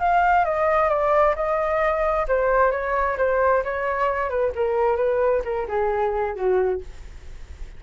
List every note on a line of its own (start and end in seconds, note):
0.00 0.45 F5
0.45 0.90 D#5
0.90 1.35 D5
1.36 2.27 D#5
2.29 2.72 C5
2.72 3.17 C#5
3.18 3.63 C5
3.64 4.30 C#5
4.30 4.53 B4
4.56 4.97 A#4
4.97 5.43 B4
5.45 5.68 A#4
5.69 6.36 G#4
6.36 6.81 F#4